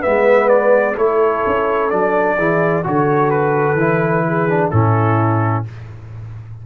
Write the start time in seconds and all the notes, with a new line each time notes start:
0.00 B3 B4 E5
0.06 G#3
0.48 D5
0.96 A3 E4 A4 C#5
1.46 C#4
1.90 F#3 D4 D5
2.36 E3 E4 G#4
2.83 D3 F#4 A4 C#5
3.30 B4
3.73 E3
3.79 E4
4.28 G#4
4.49 D4
4.70 A2 C#4 E4 A4